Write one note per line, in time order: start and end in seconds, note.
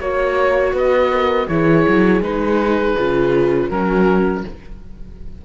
0.00 0.73 A#3
0.00 1.49 F#4
0.00 0.75 C#5
0.00 0.74 C#5
0.73 1.47 B3
0.73 1.11 B4
0.73 1.48 D#5
1.12 1.49 A#4
1.48 1.86 E3
1.48 2.23 E4
1.48 3.69 G#4
1.48 2.22 C#5
1.89 2.21 F#3
2.21 2.95 G#3
2.21 2.97 D#4
2.21 3.71 B4
2.98 3.70 C#3
2.98 3.72 F4
3.69 4.44 F#3
3.69 4.46 C#4
3.69 4.43 F#4
3.69 4.45 A#4